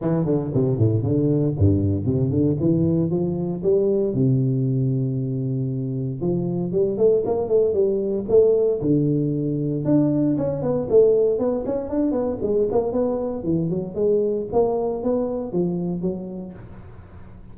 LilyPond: \new Staff \with { instrumentName = "tuba" } { \time 4/4 \tempo 4 = 116 e8 d8 c8 a,8 d4 g,4 | c8 d8 e4 f4 g4 | c1 | f4 g8 a8 ais8 a8 g4 |
a4 d2 d'4 | cis'8 b8 a4 b8 cis'8 d'8 b8 | gis8 ais8 b4 e8 fis8 gis4 | ais4 b4 f4 fis4 | }